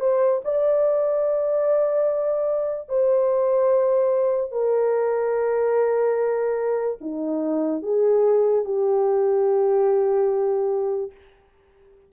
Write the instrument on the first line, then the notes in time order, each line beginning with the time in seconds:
horn
0.00 C5
0.44 D5
2.89 C5
4.51 A#4
7.00 D#4
7.82 G#4
8.65 G4